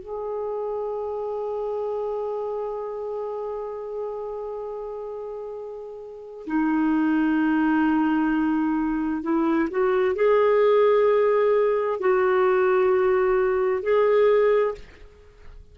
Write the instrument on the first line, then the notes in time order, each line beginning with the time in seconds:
clarinet
0.00 G#4
6.47 D#4
9.23 E4
9.70 F#4
10.15 G#4
12.00 F#4
13.83 G#4